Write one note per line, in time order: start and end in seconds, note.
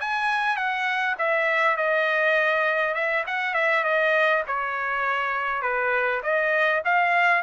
0.00 0.56 G#5
0.56 1.15 F#5
1.18 1.77 E5
1.77 2.94 D#5
2.94 3.23 E5
3.26 3.54 F#5
3.54 3.83 E5
3.83 4.43 D#5
4.47 5.61 C#5
5.61 6.21 B4
6.22 6.82 D#5
6.85 7.42 F5